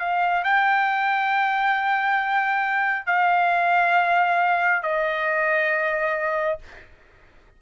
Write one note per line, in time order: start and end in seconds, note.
0.00 0.44 F5
0.44 3.07 G5
3.07 4.83 F5
4.83 6.59 D#5